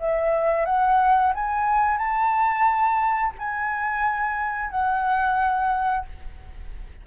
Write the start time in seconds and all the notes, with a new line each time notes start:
0.00 E5
0.66 F#5
1.35 G#5
1.98 A5
3.39 G#5
4.71 F#5